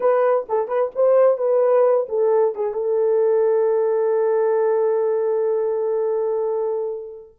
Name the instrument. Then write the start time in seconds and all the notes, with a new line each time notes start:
horn
0.00 B4
0.48 A4
0.68 B4
0.95 C5
1.37 B4
2.09 A4
2.55 G#4
2.73 A4